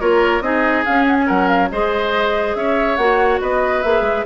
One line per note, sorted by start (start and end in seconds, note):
0.00 0.41 A#3
0.00 0.42 F4
0.00 0.43 A#4
0.00 0.42 C#5
0.41 0.83 C4
0.41 0.84 D#4
0.41 1.26 G#4
0.41 0.84 D#5
0.85 1.71 C#4
0.85 1.30 C#4
0.85 1.06 F5
1.06 1.17 F#5
1.19 1.29 G#5
1.26 1.72 F#3
1.26 1.69 A#4
1.26 1.48 F#5
1.48 1.70 F5
1.71 2.55 G#3
1.71 2.98 G#4
1.71 2.57 C5
1.71 2.55 D#5
2.55 2.97 C#4
2.55 3.41 C#5
2.55 2.96 E5
2.96 3.40 A#3
2.96 3.84 F#4
2.96 3.39 F#5
3.41 3.84 B3
3.41 4.26 B4
3.41 3.82 D#5
3.82 4.01 A#3
3.82 4.26 G#4
3.82 4.25 E5
4.01 4.22 G#3